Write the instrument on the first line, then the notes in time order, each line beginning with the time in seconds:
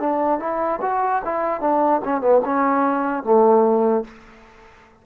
trombone
0.00 D4
0.39 E4
0.82 F#4
1.25 E4
1.61 D4
2.05 C#4
2.21 B3
2.45 C#4
3.23 A3